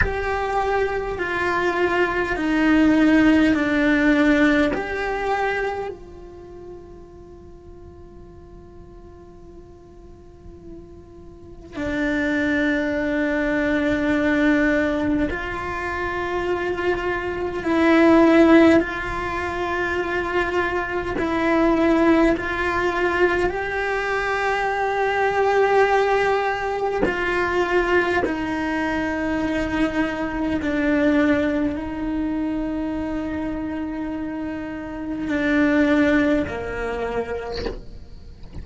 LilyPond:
\new Staff \with { instrumentName = "cello" } { \time 4/4 \tempo 4 = 51 g'4 f'4 dis'4 d'4 | g'4 f'2.~ | f'2 d'2~ | d'4 f'2 e'4 |
f'2 e'4 f'4 | g'2. f'4 | dis'2 d'4 dis'4~ | dis'2 d'4 ais4 | }